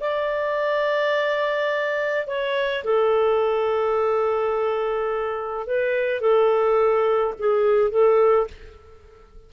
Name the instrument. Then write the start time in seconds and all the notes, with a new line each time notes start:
clarinet
0.00 D5
2.27 C#5
2.84 A4
5.67 B4
6.21 A4
7.39 G#4
7.90 A4